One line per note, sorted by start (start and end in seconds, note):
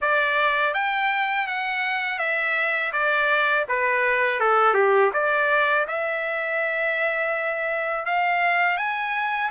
0.01 0.74 D5
0.74 1.47 G5
1.47 2.19 F#5
2.19 2.92 E5
2.92 3.65 D5
3.68 4.40 B4
4.40 4.74 A4
4.74 5.10 G4
5.13 5.86 D5
5.87 8.05 E5
8.05 8.77 F5
8.77 9.50 G#5